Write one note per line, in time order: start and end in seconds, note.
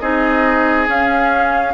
0.00 0.88 C4
0.00 0.87 D#4
0.00 1.74 G#4
0.00 0.87 D#5
0.87 1.74 C#4
0.87 1.74 F5